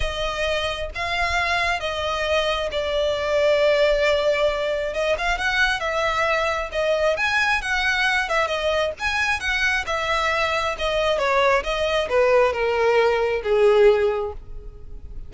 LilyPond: \new Staff \with { instrumentName = "violin" } { \time 4/4 \tempo 4 = 134 dis''2 f''2 | dis''2 d''2~ | d''2. dis''8 f''8 | fis''4 e''2 dis''4 |
gis''4 fis''4. e''8 dis''4 | gis''4 fis''4 e''2 | dis''4 cis''4 dis''4 b'4 | ais'2 gis'2 | }